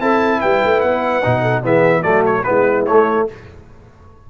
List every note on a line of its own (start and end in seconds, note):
0.00 0.41 C4
0.00 1.22 E4
0.00 0.41 A4
0.00 0.41 A5
0.41 0.63 G3
0.41 1.41 B4
0.41 0.81 G5
0.64 0.83 A3
0.81 1.24 B3
0.81 1.62 F#5
1.22 1.63 B2
1.22 1.63 D#4
1.41 1.62 A4
1.63 2.04 E3
1.63 2.02 B3
1.63 2.02 G#4
1.63 2.02 E5
2.02 2.45 F#3
2.02 2.43 A3
2.02 2.43 F#4
2.02 2.23 D5
2.26 2.43 C#5
2.43 2.89 G#3
2.43 2.87 B3
2.43 3.27 E4
2.43 2.84 B4
2.86 3.28 A3
2.86 3.30 A3
2.86 3.27 C#5